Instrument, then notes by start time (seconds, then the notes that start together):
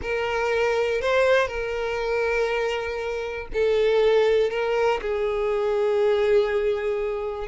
violin
0.02 A#4
1.01 C5
1.47 A#4
3.53 A4
4.50 A#4
5.01 G#4